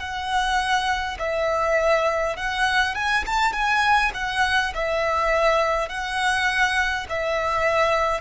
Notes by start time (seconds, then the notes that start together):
0.00 F#5
1.19 E5
2.37 F#5
2.95 G#5
3.26 A5
3.53 G#5
4.14 F#5
4.75 E5
5.89 F#5
7.10 E5